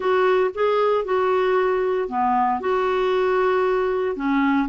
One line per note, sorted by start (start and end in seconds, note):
0.00 0.50 F#4
0.54 1.05 G#4
1.05 2.08 F#4
2.08 2.60 B3
2.60 4.16 F#4
4.16 4.68 C#4